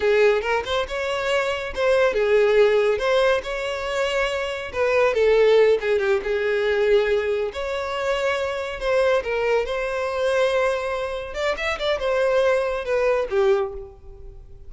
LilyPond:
\new Staff \with { instrumentName = "violin" } { \time 4/4 \tempo 4 = 140 gis'4 ais'8 c''8 cis''2 | c''4 gis'2 c''4 | cis''2. b'4 | a'4. gis'8 g'8 gis'4.~ |
gis'4. cis''2~ cis''8~ | cis''8 c''4 ais'4 c''4.~ | c''2~ c''8 d''8 e''8 d''8 | c''2 b'4 g'4 | }